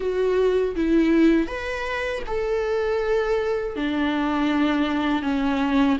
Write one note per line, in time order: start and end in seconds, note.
0.00 0.75 F#4
0.75 1.47 E4
1.47 2.22 B4
2.26 3.76 A4
3.76 5.22 D4
5.22 5.97 C#4